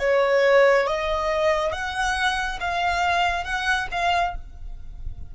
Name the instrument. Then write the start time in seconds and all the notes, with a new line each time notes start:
violin
0.00 C#5
0.87 D#5
1.72 F#5
2.60 F5
3.45 F#5
3.92 F5